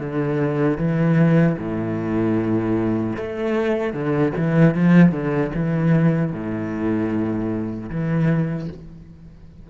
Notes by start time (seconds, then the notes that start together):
0.00 D3
0.78 E3
1.58 A2
3.17 A3
3.93 D3
4.37 E3
4.74 F3
5.11 D3
5.55 E3
6.32 A2
7.90 E3